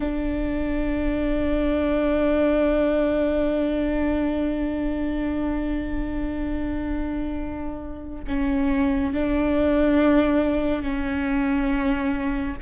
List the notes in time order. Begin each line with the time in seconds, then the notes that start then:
0.00 D4
8.27 C#4
9.13 D4
10.82 C#4